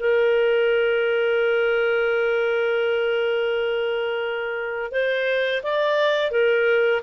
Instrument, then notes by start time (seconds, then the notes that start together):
clarinet
0.00 A#4
4.92 C5
5.63 D5
6.31 A#4